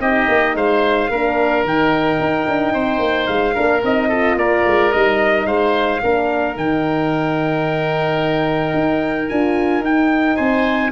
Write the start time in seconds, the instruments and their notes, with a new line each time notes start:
0.00 tuba C4, horn D#4, oboe G4, trumpet D#5
0.28 tuba A#3
0.55 tuba G#3, oboe C5, trumpet F5
1.09 tuba A#3, horn D4, oboe A#4
1.64 tuba D#3, horn D#4, trumpet G5
2.19 tuba D#4
2.47 tuba D4
2.73 tuba C4, oboe C5
2.99 tuba A#3
3.27 tuba G#3, trumpet F5
3.54 tuba A#3, horn D4, oboe A#4
3.83 tuba C4, horn D#4, trumpet D#5
4.08 horn F4, oboe A4
4.36 tuba A#3, oboe A#4, trumpet D5
4.66 tuba G#3
4.92 tuba G3, horn D#4, trumpet D#5
5.46 tuba G#3, oboe C5, trumpet F5
6.03 tuba A#3, horn D4, oboe A#4
6.55 tuba D#3, horn D#4, trumpet G5
8.74 tuba D#4
9.29 tuba D4, horn F4, trumpet G#5
9.80 tuba D#4, horn D#4, trumpet G5
10.36 tuba C4, oboe C5, trumpet G#5